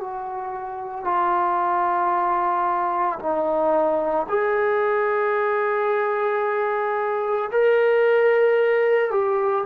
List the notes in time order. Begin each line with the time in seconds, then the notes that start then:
0.00 F#4
1.05 F4
3.19 D#4
4.29 G#4
7.51 A#4
9.11 G4